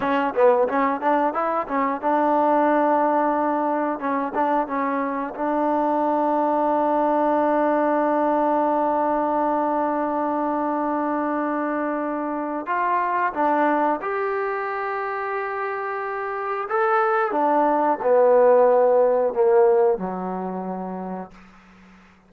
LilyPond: \new Staff \with { instrumentName = "trombone" } { \time 4/4 \tempo 4 = 90 cis'8 b8 cis'8 d'8 e'8 cis'8 d'4~ | d'2 cis'8 d'8 cis'4 | d'1~ | d'1~ |
d'2. f'4 | d'4 g'2.~ | g'4 a'4 d'4 b4~ | b4 ais4 fis2 | }